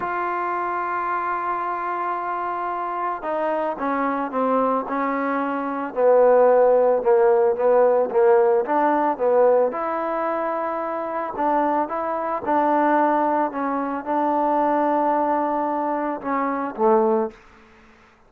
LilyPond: \new Staff \with { instrumentName = "trombone" } { \time 4/4 \tempo 4 = 111 f'1~ | f'2 dis'4 cis'4 | c'4 cis'2 b4~ | b4 ais4 b4 ais4 |
d'4 b4 e'2~ | e'4 d'4 e'4 d'4~ | d'4 cis'4 d'2~ | d'2 cis'4 a4 | }